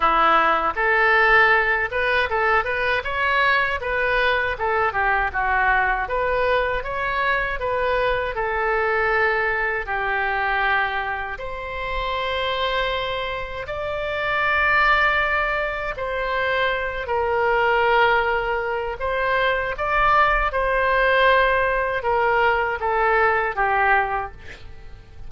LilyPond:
\new Staff \with { instrumentName = "oboe" } { \time 4/4 \tempo 4 = 79 e'4 a'4. b'8 a'8 b'8 | cis''4 b'4 a'8 g'8 fis'4 | b'4 cis''4 b'4 a'4~ | a'4 g'2 c''4~ |
c''2 d''2~ | d''4 c''4. ais'4.~ | ais'4 c''4 d''4 c''4~ | c''4 ais'4 a'4 g'4 | }